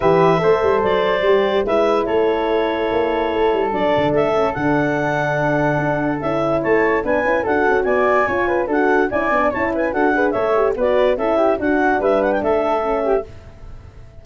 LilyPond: <<
  \new Staff \with { instrumentName = "clarinet" } { \time 4/4 \tempo 4 = 145 e''2 d''2 | e''4 cis''2.~ | cis''4 d''4 e''4 fis''4~ | fis''2. e''4 |
a''4 gis''4 fis''4 gis''4~ | gis''4 fis''4 gis''4 a''8 gis''8 | fis''4 e''4 d''4 e''4 | fis''4 e''8 fis''16 g''16 e''2 | }
  \new Staff \with { instrumentName = "flute" } { \time 4/4 b'4 c''2. | b'4 a'2.~ | a'1~ | a'1 |
cis''4 b'4 a'4 d''4 | cis''8 b'8 a'4 d''4 cis''8 b'8 | a'8 b'8 cis''4 b'4 a'8 g'8 | fis'4 b'4 a'4. g'8 | }
  \new Staff \with { instrumentName = "horn" } { \time 4/4 g'4 a'2 g'4 | e'1~ | e'4 d'4. cis'8 d'4~ | d'2. e'4~ |
e'4 d'8 e'8 fis'2 | f'4 fis'4 e'8 d'8 e'4 | fis'8 gis'8 a'8 g'8 fis'4 e'4 | d'2. cis'4 | }
  \new Staff \with { instrumentName = "tuba" } { \time 4/4 e4 a8 g8 fis4 g4 | gis4 a2 ais4 | a8 g8 fis8 d8 a4 d4~ | d2 d'4 cis'4 |
a4 b8 cis'8 d'8 cis'8 b4 | cis'4 d'4 cis'8 b8 cis'4 | d'4 a4 b4 cis'4 | d'4 g4 a2 | }
>>